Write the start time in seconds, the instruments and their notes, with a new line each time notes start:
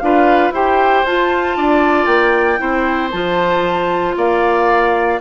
0.00 bassoon D4, clarinet F4, oboe B4, flute F5
0.51 bassoon E4, clarinet G4, oboe C5, flute G5
1.06 bassoon F4, clarinet F4, flute A5
1.57 bassoon D4, oboe D5
2.06 bassoon A#3, flute G5
2.58 bassoon C4, clarinet E4, oboe C5
3.11 bassoon F3, clarinet F4, flute A5
4.17 bassoon A#3, oboe D5, flute F5